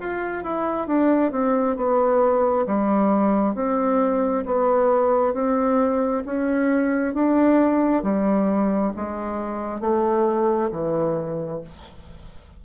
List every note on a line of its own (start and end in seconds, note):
0.00 0.44 F4
0.44 0.87 E4
0.87 1.31 D4
1.31 1.76 C4
1.77 2.66 B3
2.67 3.55 G3
3.55 4.45 C4
4.46 5.34 B3
5.34 6.23 C4
6.26 7.14 C#4
7.14 8.03 D4
8.03 8.93 G3
8.96 9.81 G#3
9.81 10.70 A3
10.71 11.61 E3